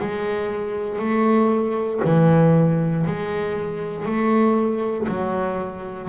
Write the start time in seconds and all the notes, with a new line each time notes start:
0.00 G#3
0.99 A3
2.05 E3
3.06 G#3
4.06 A3
5.08 F#3